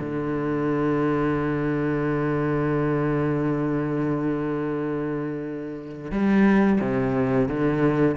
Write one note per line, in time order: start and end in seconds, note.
0.00 6.12 D3
6.12 6.80 G3
6.81 7.48 C3
7.48 8.17 D3